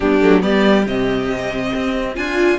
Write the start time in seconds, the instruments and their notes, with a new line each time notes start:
0.00 cello G3, viola B3, violin D4 G4
0.21 cello F#3, viola A3
0.40 cello G3, viola B3, violin G4 D5
0.86 cello C3, viola C4, violin D#5
1.74 cello C4
2.14 cello D4, viola F4, violin F4 G#5